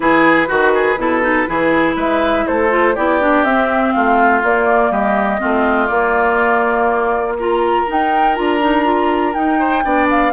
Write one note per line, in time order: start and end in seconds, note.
0.00 0.48 E3
0.00 0.46 E4
0.00 0.48 G#4
0.00 1.96 B4
0.46 0.97 D#3
0.46 0.95 F#4
0.46 0.72 F#4
0.74 0.99 G#4
0.97 1.46 B2
0.97 1.21 E4
0.97 1.49 A4
1.21 1.46 D#4
1.46 1.95 E3
1.46 2.69 E4
1.46 1.95 G#4
1.95 2.44 G#3
1.95 2.45 B4
1.95 2.46 E5
2.46 2.96 A3
2.46 2.94 A4
2.46 2.95 C5
2.69 2.94 F4
2.94 3.44 B3
2.94 3.20 E4
2.94 3.93 G4
2.94 3.44 D5
3.20 3.44 D4
3.44 3.93 C4
3.44 4.43 C4
3.44 3.92 E5
3.92 4.42 A3
3.92 4.91 F4
3.92 4.41 F5
4.42 4.90 A#3
4.42 5.38 A#3
4.42 4.91 D5
4.90 5.39 G3
4.90 5.40 G4
4.90 5.86 D#5
5.38 5.89 A3
5.38 5.87 C4
5.38 7.37 F4
5.86 7.36 A#3
5.86 7.86 A#3
5.86 7.34 D5
7.39 7.86 F4
7.39 9.59 A#4
7.39 7.89 A#5
7.86 8.35 D#4
7.86 8.38 D#4
7.86 8.35 G5
8.35 9.35 D4
8.35 8.60 F4
8.35 9.33 A#5
8.60 8.84 D#4
8.84 9.33 F4
9.33 9.83 D#4
9.33 9.84 D#4
9.33 10.07 G5
9.59 9.83 C5
9.83 10.32 B3
9.83 10.32 D4
9.83 10.32 D5
10.10 10.32 F5